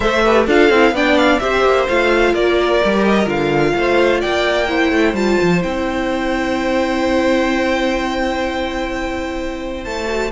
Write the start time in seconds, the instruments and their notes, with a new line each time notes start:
0.00 cello A3, viola A4, violin C5 E5
0.24 viola G4, violin B4
0.46 cello D4, viola F4, violin A4 F5
0.70 cello C4, viola E4
0.91 cello B3, viola D4, violin D5 G5
1.17 violin F5
1.38 cello C4, viola G4, violin C5 E5
1.64 cello A#3
1.88 cello A3, viola F4, violin F5
2.33 cello A#3, violin A#4 D5
2.84 cello G3, viola G4
3.04 violin D#5
3.25 cello D3, viola F4, violin F5
3.75 cello A3, violin C5
4.20 cello A#3, violin D5 G5
4.67 viola E4, violin C5
4.91 cello A3
5.13 cello G3, viola F4, violin A5
5.42 cello F3
5.62 cello C4, viola E4, violin G5
9.84 cello A3, violin A5
10.06 viola F#4